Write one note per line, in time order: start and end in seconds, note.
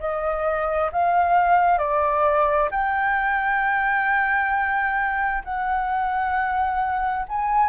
0.00 0.91 D#5
0.92 1.78 F5
1.78 2.69 D5
2.71 5.44 G5
5.44 7.26 F#5
7.29 7.69 G#5